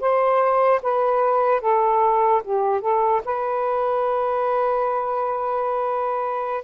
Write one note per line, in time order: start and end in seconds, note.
0.00 0.81 C5
0.83 1.61 B4
1.61 2.42 A4
2.44 2.81 G4
2.81 3.22 A4
3.25 6.64 B4